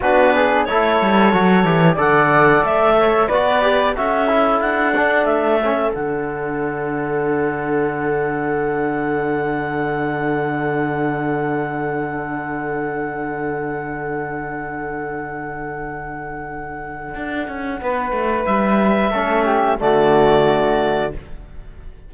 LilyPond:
<<
  \new Staff \with { instrumentName = "clarinet" } { \time 4/4 \tempo 4 = 91 b'4 cis''2 fis''4 | e''4 d''4 e''4 fis''4 | e''4 fis''2.~ | fis''1~ |
fis''1~ | fis''1~ | fis''1 | e''2 d''2 | }
  \new Staff \with { instrumentName = "flute" } { \time 4/4 fis'8 gis'8 a'2 d''4~ | d''8 cis''8 b'4 a'2~ | a'1~ | a'1~ |
a'1~ | a'1~ | a'2. b'4~ | b'4 a'8 g'8 fis'2 | }
  \new Staff \with { instrumentName = "trombone" } { \time 4/4 d'4 e'4 fis'8 g'8 a'4~ | a'4 fis'8 g'8 fis'8 e'4 d'8~ | d'8 cis'8 d'2.~ | d'1~ |
d'1~ | d'1~ | d'1~ | d'4 cis'4 a2 | }
  \new Staff \with { instrumentName = "cello" } { \time 4/4 b4 a8 g8 fis8 e8 d4 | a4 b4 cis'4 d'4 | a4 d2.~ | d1~ |
d1~ | d1~ | d2 d'8 cis'8 b8 a8 | g4 a4 d2 | }
>>